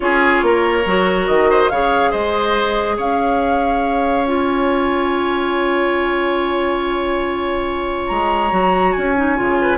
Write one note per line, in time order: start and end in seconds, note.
0.00 0.42 C#4
0.00 0.82 F4
0.00 0.45 G#4
0.00 1.27 C#5
0.42 0.85 A#3
0.42 1.50 A#4
0.85 1.28 F#3
0.85 1.71 F#4
1.27 1.70 D#3
1.27 1.69 D#5
1.50 1.71 C5
1.69 2.13 C#3
1.69 4.26 G#4
1.69 2.11 C#5
1.69 2.11 F5
2.11 2.97 G#3
2.11 2.96 C5
2.11 2.96 D#5
2.96 8.08 C#4
2.96 9.56 C#5
2.96 4.27 F5
4.27 8.50 F4
4.27 8.07 G#5
8.07 8.52 G#3
8.07 8.92 A#5
8.50 8.94 F#3
8.50 9.14 F#4
8.92 9.39 C#4
8.92 9.77 G#5
9.16 9.36 D#4
9.36 9.77 C#3
9.36 9.77 F4
9.61 9.77 B4